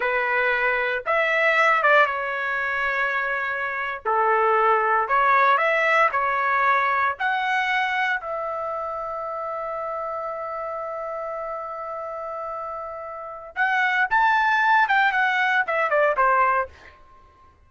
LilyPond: \new Staff \with { instrumentName = "trumpet" } { \time 4/4 \tempo 4 = 115 b'2 e''4. d''8 | cis''2.~ cis''8. a'16~ | a'4.~ a'16 cis''4 e''4 cis''16~ | cis''4.~ cis''16 fis''2 e''16~ |
e''1~ | e''1~ | e''2 fis''4 a''4~ | a''8 g''8 fis''4 e''8 d''8 c''4 | }